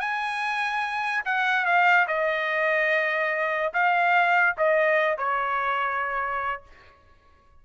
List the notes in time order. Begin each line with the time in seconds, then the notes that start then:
0.00 G#5
1.25 F#5
1.65 F5
2.07 D#5
3.73 F5
4.57 D#5
5.17 C#5